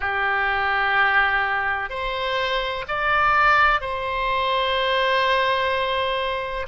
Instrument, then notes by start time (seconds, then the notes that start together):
oboe
0.00 G4
1.89 C5
2.87 D5
3.81 C5